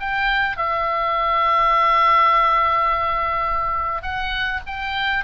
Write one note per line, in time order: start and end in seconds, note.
0.00 0.57 G5
0.57 4.02 E5
4.02 4.60 F#5
4.67 5.24 G5